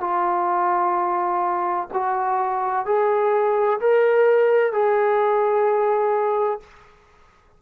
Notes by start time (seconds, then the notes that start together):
0.00 F4
1.93 F#4
2.86 G#4
3.80 A#4
4.72 G#4